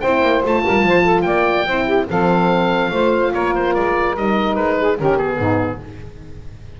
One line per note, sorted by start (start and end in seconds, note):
0.00 0.21 C4
0.00 0.43 E4
0.00 0.63 C5
0.00 0.41 G5
0.21 0.42 A#3
0.43 0.65 A3
0.43 1.67 F4
0.43 1.21 A5
0.66 0.83 G3
0.66 0.87 A#4
0.83 1.25 F3
0.83 1.03 C5
1.03 1.24 A4
1.21 1.66 A#3
1.21 1.67 D5
1.21 2.04 G5
1.66 2.07 C4
1.66 2.09 E4
1.66 1.85 C5
1.85 2.05 G4
2.09 2.91 F3
2.09 2.93 C4
2.09 2.91 A4
2.09 3.33 F5
2.91 3.32 A3
2.91 4.17 F4
2.91 3.32 C5
3.33 3.75 A#3
3.33 4.79 A#4
3.33 3.54 C#5
3.55 3.74 C5
3.74 4.16 G#3
3.74 4.15 D5
4.16 4.57 G3
4.16 4.97 D#4
4.16 4.55 D#5
4.55 4.99 G#3
4.55 4.97 B4
4.79 4.98 G#4
4.97 5.38 D#3
4.97 5.17 C#4
4.97 5.37 G4
4.97 5.17 A#4
5.17 5.79 B3
5.17 5.79 G#4
5.37 5.80 G#2
5.37 5.79 D#4